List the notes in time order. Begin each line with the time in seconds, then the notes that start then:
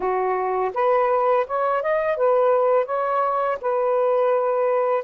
0.00 F#4
0.74 B4
1.46 C#5
1.82 D#5
2.17 B4
2.86 C#5
3.61 B4